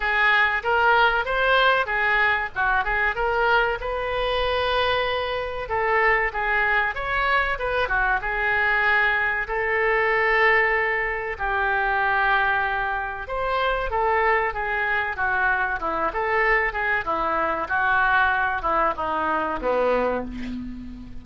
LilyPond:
\new Staff \with { instrumentName = "oboe" } { \time 4/4 \tempo 4 = 95 gis'4 ais'4 c''4 gis'4 | fis'8 gis'8 ais'4 b'2~ | b'4 a'4 gis'4 cis''4 | b'8 fis'8 gis'2 a'4~ |
a'2 g'2~ | g'4 c''4 a'4 gis'4 | fis'4 e'8 a'4 gis'8 e'4 | fis'4. e'8 dis'4 b4 | }